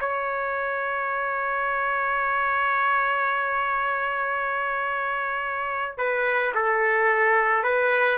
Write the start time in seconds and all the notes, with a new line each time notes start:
0.00 C#5
5.98 B4
6.54 A4
7.63 B4